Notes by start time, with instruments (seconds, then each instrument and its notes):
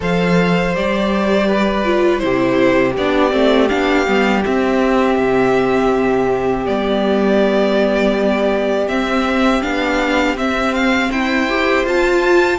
0.00 cello F3, viola A4, violin C5 F5
0.74 cello G3, viola G4, violin D5
1.47 violin B4
1.84 viola F4
2.19 cello C3, viola E4, violin G4 C5
2.97 cello B3, viola D4, violin D5
3.30 cello A3, viola C4
3.68 cello B3, viola D4, violin F5
4.06 cello G3, viola B3
4.44 viola C4, cello C4, violin E5
5.18 cello C3
6.65 cello G3, viola B3, violin D5
8.87 cello C4, viola C4, violin E5
9.61 cello B3, viola D4, violin F5
10.35 cello C4, viola C4, violin E5
10.74 violin F5
11.10 cello E4, violin C5 G5
11.48 viola G4
11.84 cello F4, viola F4, violin A5